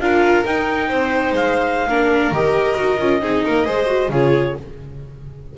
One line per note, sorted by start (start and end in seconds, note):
0.00 0.44 D4
0.00 0.44 F4
0.00 0.89 A#4
0.00 0.45 F5
0.44 1.89 D#4
0.44 0.90 D#4
0.44 1.34 G5
0.89 1.32 C4
0.89 1.88 C5
1.32 1.88 G#3
1.32 2.34 F5
1.88 2.32 A#3
1.88 2.34 D4
1.88 3.21 A#4
2.32 2.76 D#3
2.32 2.76 G4
2.32 4.12 D#5
2.76 3.00 D#4
2.76 2.98 F#4
2.99 3.21 C#4
2.99 3.22 F4
3.21 3.44 C4
3.21 3.66 D#4
3.21 3.45 G#4
3.45 3.67 A#3
3.45 3.67 A#4
3.66 4.09 G#3
3.66 3.87 G#4
3.66 4.11 C5
3.87 4.09 F#4
4.09 4.54 C#3
4.09 4.58 F4
4.09 4.57 G#4
4.09 4.58 C#5